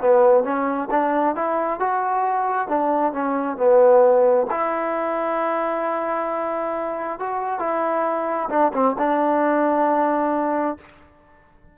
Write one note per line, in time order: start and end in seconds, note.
0.00 0.44 B3
0.44 0.88 C#4
0.90 1.35 D4
1.35 1.79 E4
1.79 2.68 F#4
2.68 3.12 D4
3.12 3.57 C#4
3.57 4.46 B3
4.50 7.19 E4
7.19 7.59 F#4
7.59 8.48 E4
8.49 8.72 D4
8.73 8.96 C4
8.98 10.77 D4